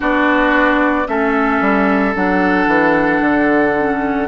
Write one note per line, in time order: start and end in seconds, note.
0.00 1.07 B3
0.00 1.06 D4
0.00 1.07 F#4
0.00 1.07 D5
1.06 1.60 A3
1.06 2.14 C#4
1.06 4.28 A4
1.06 2.15 E5
1.60 2.14 G3
2.14 2.67 F#3
2.14 3.74 D4
2.14 4.28 F#5
2.67 3.20 E3
3.20 4.27 D3
3.77 4.28 C#4